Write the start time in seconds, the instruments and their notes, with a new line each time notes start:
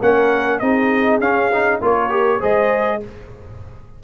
0.00 tuba A#3, trombone C#4, horn A#4, trumpet F#5
0.59 tuba C4, trombone D#4, horn G#4, trumpet D#5
1.20 tuba C#4, trombone C#4, trumpet F5
1.53 trombone D#4
1.81 tuba A#3, trombone F4, horn A#4, trumpet C#5
2.09 trombone G4
2.39 tuba G#3, trombone G#4, horn C5, trumpet D#5